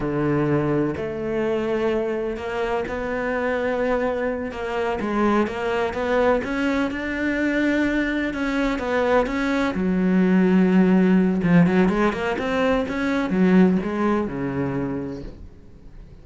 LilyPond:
\new Staff \with { instrumentName = "cello" } { \time 4/4 \tempo 4 = 126 d2 a2~ | a4 ais4 b2~ | b4. ais4 gis4 ais8~ | ais8 b4 cis'4 d'4.~ |
d'4. cis'4 b4 cis'8~ | cis'8 fis2.~ fis8 | f8 fis8 gis8 ais8 c'4 cis'4 | fis4 gis4 cis2 | }